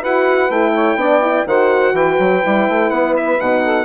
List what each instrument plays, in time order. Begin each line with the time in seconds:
0.00 bassoon E4, horn F#4, saxophone B4, trumpet F#5
0.50 bassoon A3, horn E4, trumpet G5
0.74 saxophone C#5
0.95 bassoon B3, horn D4, saxophone D5
1.21 horn E4
1.46 bassoon D#3, horn F#4, saxophone C5, trumpet F#5
1.93 bassoon E3, saxophone B4, trumpet G5
2.19 bassoon F#3
2.42 bassoon G3, horn E4
2.69 bassoon A3
2.90 bassoon B3, trumpet F#5
3.17 trumpet E5
3.39 bassoon B2, horn D#4, trumpet F#5
3.63 saxophone A4